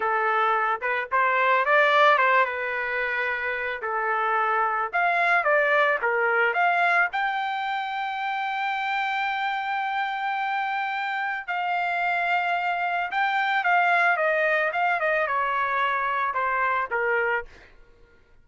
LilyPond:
\new Staff \with { instrumentName = "trumpet" } { \time 4/4 \tempo 4 = 110 a'4. b'8 c''4 d''4 | c''8 b'2~ b'8 a'4~ | a'4 f''4 d''4 ais'4 | f''4 g''2.~ |
g''1~ | g''4 f''2. | g''4 f''4 dis''4 f''8 dis''8 | cis''2 c''4 ais'4 | }